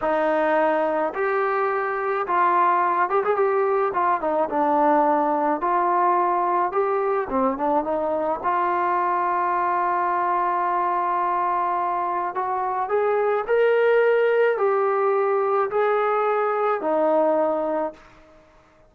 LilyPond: \new Staff \with { instrumentName = "trombone" } { \time 4/4 \tempo 4 = 107 dis'2 g'2 | f'4. g'16 gis'16 g'4 f'8 dis'8 | d'2 f'2 | g'4 c'8 d'8 dis'4 f'4~ |
f'1~ | f'2 fis'4 gis'4 | ais'2 g'2 | gis'2 dis'2 | }